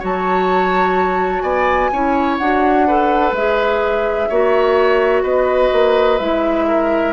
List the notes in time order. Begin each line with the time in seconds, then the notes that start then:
0.00 F#3 F#4 C#5 A5
1.41 B3 D5 G#5
1.93 C#4 E4 C#5
2.38 D4 F#4 F#5
2.87 A4 B4
3.32 G#3 G#4 E5
4.30 A#3 F#4 C#5
5.23 B3 B4 D#5
5.73 A#3
6.18 G#3 E4 E5
6.67 A#4